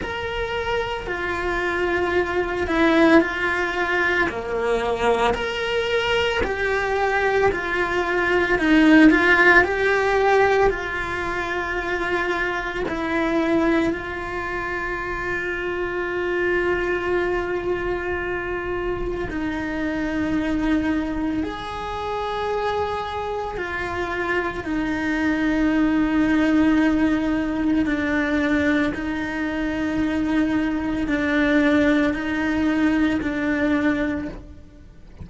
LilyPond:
\new Staff \with { instrumentName = "cello" } { \time 4/4 \tempo 4 = 56 ais'4 f'4. e'8 f'4 | ais4 ais'4 g'4 f'4 | dis'8 f'8 g'4 f'2 | e'4 f'2.~ |
f'2 dis'2 | gis'2 f'4 dis'4~ | dis'2 d'4 dis'4~ | dis'4 d'4 dis'4 d'4 | }